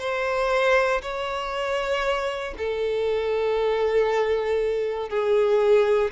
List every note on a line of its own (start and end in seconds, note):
0.00 1.02 C5
1.02 2.55 C#5
2.58 5.10 A4
5.10 6.12 G#4